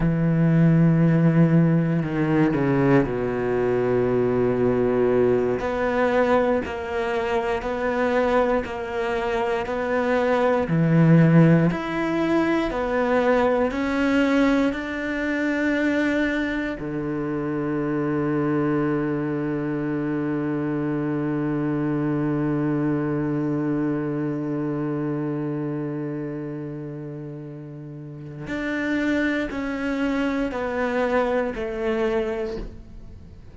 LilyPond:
\new Staff \with { instrumentName = "cello" } { \time 4/4 \tempo 4 = 59 e2 dis8 cis8 b,4~ | b,4. b4 ais4 b8~ | b8 ais4 b4 e4 e'8~ | e'8 b4 cis'4 d'4.~ |
d'8 d2.~ d8~ | d1~ | d1 | d'4 cis'4 b4 a4 | }